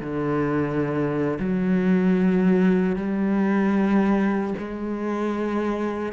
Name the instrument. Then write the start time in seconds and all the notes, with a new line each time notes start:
cello
0.00 D3
1.39 F#3
2.96 G3
4.58 G#3